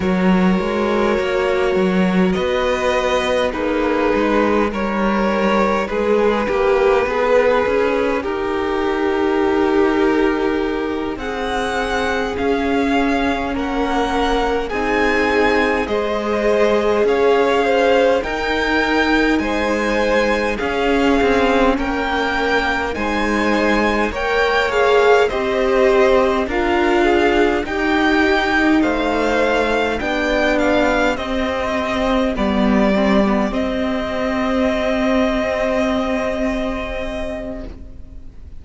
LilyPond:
<<
  \new Staff \with { instrumentName = "violin" } { \time 4/4 \tempo 4 = 51 cis''2 dis''4 b'4 | cis''4 b'2 ais'4~ | ais'4. fis''4 f''4 fis''8~ | fis''8 gis''4 dis''4 f''4 g''8~ |
g''8 gis''4 f''4 g''4 gis''8~ | gis''8 g''8 f''8 dis''4 f''4 g''8~ | g''8 f''4 g''8 f''8 dis''4 d''8~ | d''8 dis''2.~ dis''8 | }
  \new Staff \with { instrumentName = "violin" } { \time 4/4 ais'2 b'4 dis'4 | ais'4 gis'8 g'8 gis'4 g'4~ | g'4. gis'2 ais'8~ | ais'8 gis'4 c''4 cis''8 c''8 ais'8~ |
ais'8 c''4 gis'4 ais'4 c''8~ | c''8 cis''4 c''4 ais'8 gis'8 g'8~ | g'8 c''4 g'2~ g'8~ | g'1 | }
  \new Staff \with { instrumentName = "viola" } { \time 4/4 fis'2. gis'4 | dis'1~ | dis'2~ dis'8 cis'4.~ | cis'8 dis'4 gis'2 dis'8~ |
dis'4. cis'2 dis'8~ | dis'8 ais'8 gis'8 g'4 f'4 dis'8~ | dis'4. d'4 c'4 b8 | c'16 b16 c'2.~ c'8 | }
  \new Staff \with { instrumentName = "cello" } { \time 4/4 fis8 gis8 ais8 fis8 b4 ais8 gis8 | g4 gis8 ais8 b8 cis'8 dis'4~ | dis'4. c'4 cis'4 ais8~ | ais8 c'4 gis4 cis'4 dis'8~ |
dis'8 gis4 cis'8 c'8 ais4 gis8~ | gis8 ais4 c'4 d'4 dis'8~ | dis'8 a4 b4 c'4 g8~ | g8 c'2.~ c'8 | }
>>